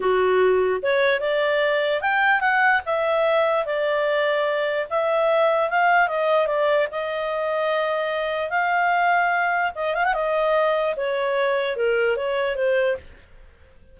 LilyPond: \new Staff \with { instrumentName = "clarinet" } { \time 4/4 \tempo 4 = 148 fis'2 cis''4 d''4~ | d''4 g''4 fis''4 e''4~ | e''4 d''2. | e''2 f''4 dis''4 |
d''4 dis''2.~ | dis''4 f''2. | dis''8 f''16 fis''16 dis''2 cis''4~ | cis''4 ais'4 cis''4 c''4 | }